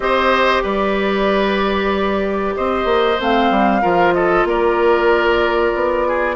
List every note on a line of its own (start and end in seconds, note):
0.00 0.61 C4
0.00 3.18 G4
0.00 0.62 C5
0.00 0.63 D#5
0.62 2.55 G3
0.62 2.54 B4
0.62 2.56 D5
2.56 2.85 C4
2.56 3.81 C5
2.56 3.19 D#5
2.85 3.16 A#3
3.18 3.50 A3
3.18 3.81 C4
3.18 4.13 F5
3.50 3.82 G3
3.81 4.44 F3
3.81 6.35 F4
3.81 4.13 A#4
4.13 4.47 A4
4.13 4.45 D#5
4.44 5.72 A#3
4.44 6.08 A#4
4.44 6.35 D5
5.74 6.35 B3
6.08 6.35 G#4